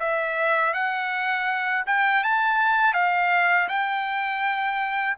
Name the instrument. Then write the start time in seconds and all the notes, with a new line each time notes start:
trumpet
0.00 E5
0.74 F#5
1.87 G5
2.24 A5
2.94 F5
3.69 G5